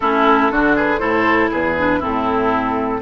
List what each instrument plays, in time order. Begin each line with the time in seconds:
0.00 bassoon A3, clarinet C#4, oboe E4, flute A4
0.51 bassoon D3, clarinet D4, oboe F#4
0.76 oboe G#4, flute B4
0.98 bassoon A2, clarinet E4, oboe A4, flute C5
1.50 bassoon E2, oboe G#4, flute B4
1.77 clarinet D4
1.99 bassoon A2, clarinet C4, oboe E4, flute A4